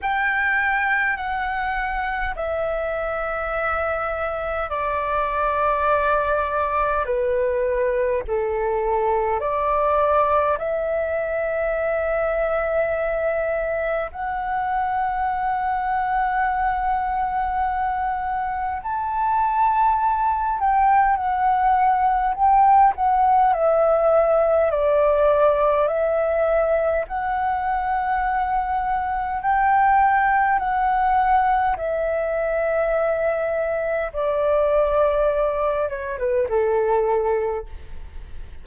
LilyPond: \new Staff \with { instrumentName = "flute" } { \time 4/4 \tempo 4 = 51 g''4 fis''4 e''2 | d''2 b'4 a'4 | d''4 e''2. | fis''1 |
a''4. g''8 fis''4 g''8 fis''8 | e''4 d''4 e''4 fis''4~ | fis''4 g''4 fis''4 e''4~ | e''4 d''4. cis''16 b'16 a'4 | }